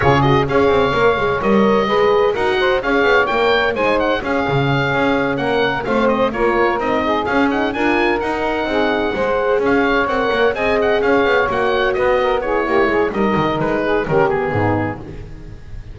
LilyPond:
<<
  \new Staff \with { instrumentName = "oboe" } { \time 4/4 \tempo 4 = 128 cis''8 dis''8 f''2 dis''4~ | dis''4 fis''4 f''4 g''4 | gis''8 fis''8 f''2~ f''8 fis''8~ | fis''8 f''8 dis''8 cis''4 dis''4 f''8 |
fis''8 gis''4 fis''2~ fis''8~ | fis''8 f''4 fis''4 gis''8 fis''8 f''8~ | f''8 fis''4 dis''4 cis''4. | dis''4 b'4 ais'8 gis'4. | }
  \new Staff \with { instrumentName = "saxophone" } { \time 4/4 gis'4 cis''2. | b'4 ais'8 c''8 cis''2 | c''4 gis'2~ gis'8 ais'8~ | ais'8 c''4 ais'4. gis'4~ |
gis'8 ais'2 gis'4 c''8~ | c''8 cis''2 dis''4 cis''8~ | cis''4. b'8 ais'8 gis'8 g'8 gis'8 | ais'4. gis'8 g'4 dis'4 | }
  \new Staff \with { instrumentName = "horn" } { \time 4/4 f'8 fis'8 gis'4 ais'8 gis'8 ais'4 | gis'4 fis'4 gis'4 ais'4 | dis'4 cis'2.~ | cis'8 c'4 f'4 dis'4 cis'8 |
dis'8 f'4 dis'2 gis'8~ | gis'4. ais'4 gis'4.~ | gis'8 fis'2 e'4. | dis'2 cis'8 b4. | }
  \new Staff \with { instrumentName = "double bass" } { \time 4/4 cis4 cis'8 c'8 ais8 gis8 g4 | gis4 dis'4 cis'8 b8 ais4 | gis4 cis'8 cis4 cis'4 ais8~ | ais8 a4 ais4 c'4 cis'8~ |
cis'8 d'4 dis'4 c'4 gis8~ | gis8 cis'4 c'8 ais8 c'4 cis'8 | b8 ais4 b4. ais8 gis8 | g8 dis8 gis4 dis4 gis,4 | }
>>